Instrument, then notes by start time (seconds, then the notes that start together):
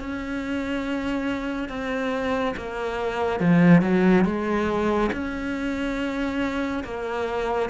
cello
0.00 C#4
1.69 C4
2.56 A#3
3.40 F3
3.81 F#3
4.25 G#3
5.12 C#4
6.84 A#3